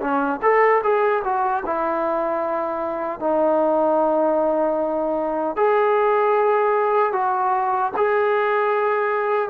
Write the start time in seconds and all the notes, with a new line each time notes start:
0.00 C#4
0.42 A4
0.83 G#4
1.24 F#4
1.65 E4
3.19 D#4
5.56 G#4
7.12 F#4
7.96 G#4